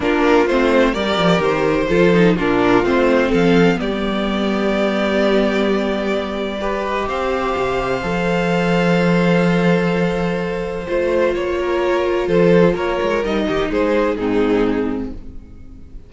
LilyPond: <<
  \new Staff \with { instrumentName = "violin" } { \time 4/4 \tempo 4 = 127 ais'4 c''4 d''4 c''4~ | c''4 ais'4 c''4 f''4 | d''1~ | d''2~ d''8 dis''8 f''4~ |
f''1~ | f''2. c''4 | cis''2 c''4 cis''4 | dis''4 c''4 gis'2 | }
  \new Staff \with { instrumentName = "violin" } { \time 4/4 f'2 ais'2 | a'4 f'2 a'4 | g'1~ | g'2 b'4 c''4~ |
c''1~ | c''1~ | c''8 ais'4. a'4 ais'4~ | ais'8 g'8 gis'4 dis'2 | }
  \new Staff \with { instrumentName = "viola" } { \time 4/4 d'4 c'4 g'2 | f'8 dis'8 d'4 c'2 | b1~ | b2 g'2~ |
g'4 a'2.~ | a'2. f'4~ | f'1 | dis'2 c'2 | }
  \new Staff \with { instrumentName = "cello" } { \time 4/4 ais4 a4 g8 f8 dis4 | f4 ais,4 a4 f4 | g1~ | g2. c'4 |
c4 f2.~ | f2. a4 | ais2 f4 ais8 gis8 | g8 dis8 gis4 gis,2 | }
>>